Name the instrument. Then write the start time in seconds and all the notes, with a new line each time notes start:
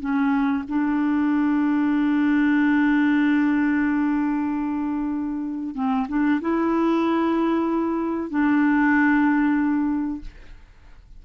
clarinet
0.00 C#4
0.69 D4
5.75 C4
6.08 D4
6.41 E4
8.30 D4